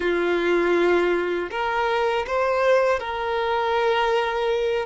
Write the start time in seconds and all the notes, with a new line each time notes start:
0.00 F4
1.50 A#4
2.26 C5
2.99 A#4